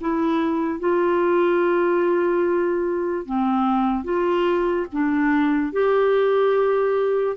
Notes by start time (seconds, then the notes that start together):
0.00 E4
0.79 F4
3.25 C4
4.03 F4
4.92 D4
5.72 G4